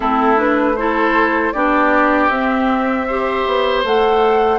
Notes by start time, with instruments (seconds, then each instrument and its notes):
0.00 bassoon A3, clarinet C4, oboe E4, flute A4
0.36 clarinet D4, flute B4
0.76 clarinet E4, oboe A4, flute C5
1.52 bassoon B3, clarinet D4, oboe G4, flute D5
2.28 bassoon C4, clarinet C4, flute E5
3.07 clarinet G4, oboe C5
3.46 bassoon B3
3.83 bassoon A3, clarinet A4, flute F#5